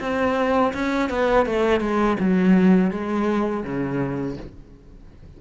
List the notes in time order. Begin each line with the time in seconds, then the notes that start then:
0.00 C4
0.74 C#4
1.09 B3
1.46 A3
1.80 G#3
2.20 F#3
2.91 G#3
3.64 C#3